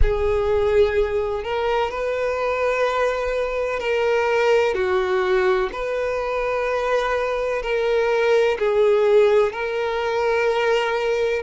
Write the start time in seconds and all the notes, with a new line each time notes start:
0.02 G#4
1.43 A#4
1.90 B4
3.79 A#4
4.74 F#4
5.72 B4
7.62 A#4
8.58 G#4
9.52 A#4